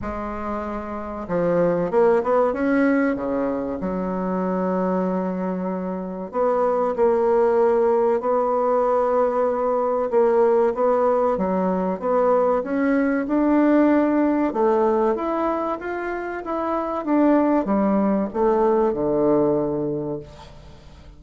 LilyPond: \new Staff \with { instrumentName = "bassoon" } { \time 4/4 \tempo 4 = 95 gis2 f4 ais8 b8 | cis'4 cis4 fis2~ | fis2 b4 ais4~ | ais4 b2. |
ais4 b4 fis4 b4 | cis'4 d'2 a4 | e'4 f'4 e'4 d'4 | g4 a4 d2 | }